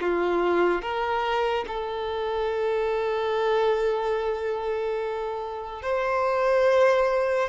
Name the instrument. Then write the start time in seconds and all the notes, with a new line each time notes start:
violin
0.00 F4
0.82 A#4
1.67 A4
5.82 C5